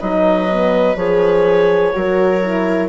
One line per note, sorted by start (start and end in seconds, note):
0.00 0.96 F#3
0.00 0.49 D#4
0.00 1.94 B4
0.00 0.96 D#5
0.49 0.97 B3
0.96 1.92 F3
0.96 1.93 G#4
0.96 2.89 C#5
1.93 2.89 F#3
1.93 2.41 F#4
1.93 2.89 A#4
2.42 2.89 E4